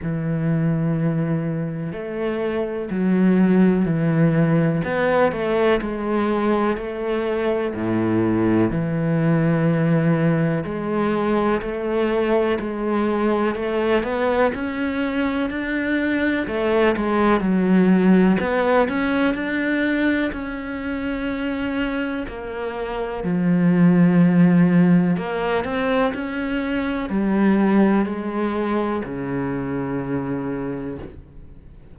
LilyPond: \new Staff \with { instrumentName = "cello" } { \time 4/4 \tempo 4 = 62 e2 a4 fis4 | e4 b8 a8 gis4 a4 | a,4 e2 gis4 | a4 gis4 a8 b8 cis'4 |
d'4 a8 gis8 fis4 b8 cis'8 | d'4 cis'2 ais4 | f2 ais8 c'8 cis'4 | g4 gis4 cis2 | }